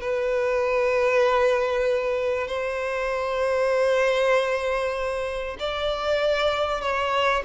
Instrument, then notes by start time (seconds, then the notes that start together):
violin
0.00 B4
2.47 C5
5.59 D5
6.81 C#5